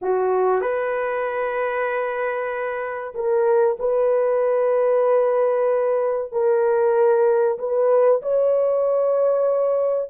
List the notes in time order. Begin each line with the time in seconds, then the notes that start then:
0.01 F#4
0.61 B4
3.14 A#4
3.79 B4
6.32 A#4
7.58 B4
8.21 C#5